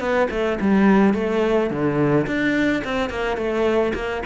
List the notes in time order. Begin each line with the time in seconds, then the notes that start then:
0.00 B3
0.31 A3
0.61 G3
1.14 A3
1.71 D3
2.27 D4
2.85 C4
3.10 A#3
3.37 A3
3.95 A#3